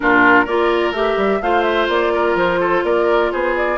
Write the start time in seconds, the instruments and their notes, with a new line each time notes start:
0.00 bassoon A#2, clarinet D4, oboe F4, flute A#4
0.44 bassoon A#3, clarinet F4, oboe A#4, flute D5
0.91 bassoon A3, clarinet G4, flute E5
1.17 bassoon G3
1.41 bassoon A3, clarinet F4, oboe C5, flute F5
1.63 flute E5
1.88 bassoon A#3, flute D5
2.13 oboe A#4
2.34 bassoon F3, flute C5
2.60 oboe A4
2.83 bassoon A#3, oboe A#4, flute D5
3.31 bassoon B3, oboe G#4, flute C5
3.56 flute D5